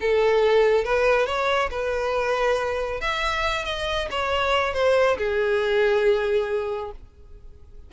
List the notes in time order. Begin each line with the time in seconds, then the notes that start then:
0.00 A4
0.84 B4
1.26 C#5
1.70 B4
3.00 E5
3.64 D#5
4.11 C#5
4.73 C5
5.17 G#4